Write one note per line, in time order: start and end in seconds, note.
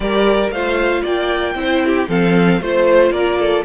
0.00 0.49 G3
0.00 0.52 G4
0.00 0.53 A#4
0.00 0.49 D5
0.50 1.02 A3
0.50 1.55 F4
0.50 1.02 C5
0.50 1.03 F5
1.02 1.54 A#3
1.02 1.54 D5
1.02 2.09 G5
1.54 2.07 C4
1.54 2.08 E4
1.54 1.85 C5
1.85 2.08 G4
2.08 2.60 F3
2.08 2.61 C4
2.08 2.60 A4
2.08 2.61 F5
2.60 3.10 A3
2.60 3.65 F4
2.60 3.12 C5
3.10 3.62 A#3
3.10 3.38 A#4
3.10 3.64 D5
3.39 3.65 A4